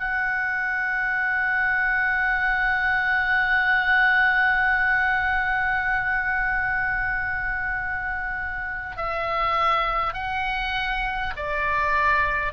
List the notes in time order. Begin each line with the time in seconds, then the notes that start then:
0.00 F#5
8.97 E5
10.14 F#5
11.37 D5